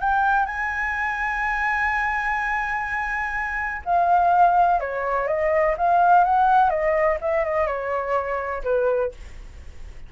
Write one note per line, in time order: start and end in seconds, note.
0.00 0.46 G5
0.46 3.82 G#5
3.85 4.80 F5
4.80 5.27 C#5
5.27 5.75 D#5
5.77 6.24 F5
6.24 6.70 F#5
6.70 7.18 D#5
7.21 7.44 E5
7.44 7.66 D#5
7.66 8.62 C#5
8.64 9.12 B4